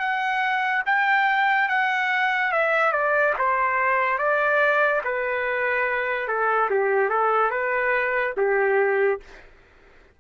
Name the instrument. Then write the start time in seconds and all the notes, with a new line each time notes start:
trumpet
0.00 F#5
0.86 G5
1.69 F#5
2.52 E5
2.93 D5
3.39 C5
4.19 D5
5.05 B4
6.28 A4
6.71 G4
7.10 A4
7.51 B4
8.37 G4